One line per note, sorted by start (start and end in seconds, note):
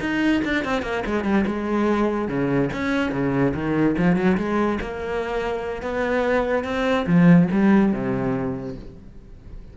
0.00 0.42 D#4
0.45 0.65 D4
0.65 0.82 C4
0.82 1.03 A#3
1.06 1.24 G#3
1.24 1.45 G3
1.47 2.28 G#3
2.28 2.70 C#3
2.73 3.12 C#4
3.12 3.53 C#3
3.54 3.96 D#3
3.98 4.16 F3
4.16 4.37 F#3
4.37 4.79 G#3
4.81 5.82 A#3
5.82 6.64 B3
6.64 7.06 C4
7.06 7.48 F3
7.52 7.92 G3
7.92 8.76 C3